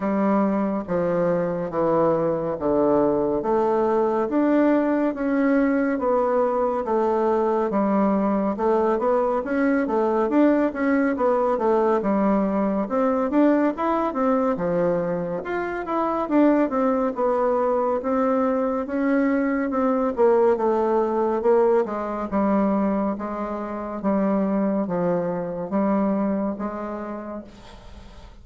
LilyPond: \new Staff \with { instrumentName = "bassoon" } { \time 4/4 \tempo 4 = 70 g4 f4 e4 d4 | a4 d'4 cis'4 b4 | a4 g4 a8 b8 cis'8 a8 | d'8 cis'8 b8 a8 g4 c'8 d'8 |
e'8 c'8 f4 f'8 e'8 d'8 c'8 | b4 c'4 cis'4 c'8 ais8 | a4 ais8 gis8 g4 gis4 | g4 f4 g4 gis4 | }